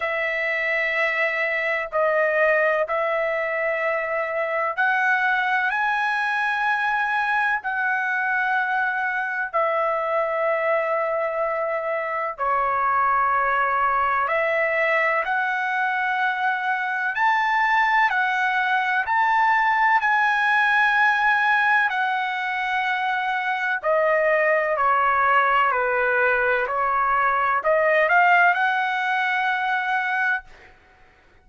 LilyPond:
\new Staff \with { instrumentName = "trumpet" } { \time 4/4 \tempo 4 = 63 e''2 dis''4 e''4~ | e''4 fis''4 gis''2 | fis''2 e''2~ | e''4 cis''2 e''4 |
fis''2 a''4 fis''4 | a''4 gis''2 fis''4~ | fis''4 dis''4 cis''4 b'4 | cis''4 dis''8 f''8 fis''2 | }